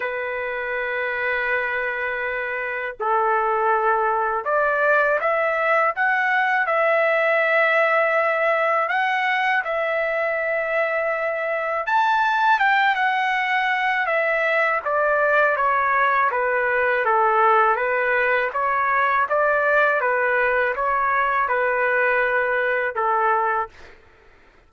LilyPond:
\new Staff \with { instrumentName = "trumpet" } { \time 4/4 \tempo 4 = 81 b'1 | a'2 d''4 e''4 | fis''4 e''2. | fis''4 e''2. |
a''4 g''8 fis''4. e''4 | d''4 cis''4 b'4 a'4 | b'4 cis''4 d''4 b'4 | cis''4 b'2 a'4 | }